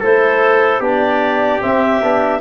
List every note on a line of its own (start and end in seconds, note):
0.00 0.80 A3
0.00 0.82 E4
0.00 0.80 A4
0.00 0.82 C5
0.80 1.60 B3
0.80 1.61 D4
0.80 2.40 G4
0.80 1.62 D5
1.61 2.01 C4
1.61 2.02 C4
1.61 2.41 E5
2.02 2.41 B3
2.02 2.41 D4